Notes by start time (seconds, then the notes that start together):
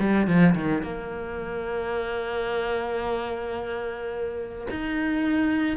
0.00 G3
0.27 F3
0.55 D#3
0.82 A#3
4.71 D#4